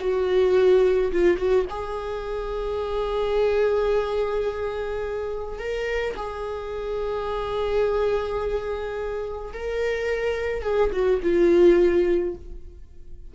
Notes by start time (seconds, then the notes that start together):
0.00 F#4
1.13 F4
1.38 F#4
1.70 G#4
5.59 A#4
6.17 G#4
9.53 A#4
10.63 G#4
10.92 F#4
11.23 F4